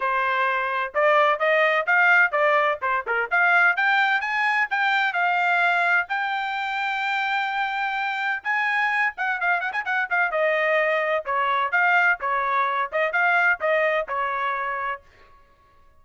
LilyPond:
\new Staff \with { instrumentName = "trumpet" } { \time 4/4 \tempo 4 = 128 c''2 d''4 dis''4 | f''4 d''4 c''8 ais'8 f''4 | g''4 gis''4 g''4 f''4~ | f''4 g''2.~ |
g''2 gis''4. fis''8 | f''8 fis''16 gis''16 fis''8 f''8 dis''2 | cis''4 f''4 cis''4. dis''8 | f''4 dis''4 cis''2 | }